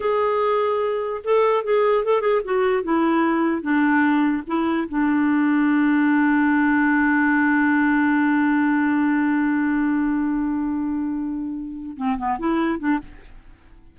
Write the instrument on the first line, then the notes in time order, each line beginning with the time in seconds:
clarinet
0.00 G#4
1.23 A4
1.64 G#4
2.04 A4
2.21 G#4
2.44 F#4
2.83 E4
3.62 D4
4.47 E4
4.88 D4
11.97 C4
12.18 B3
12.39 E4
12.79 D4